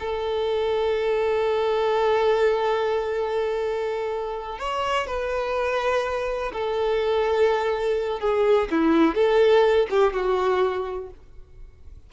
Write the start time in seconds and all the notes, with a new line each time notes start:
0.00 A4
4.59 C#5
5.07 B4
6.53 A4
8.20 G#4
8.71 E4
9.15 A4
9.90 G4
10.13 F#4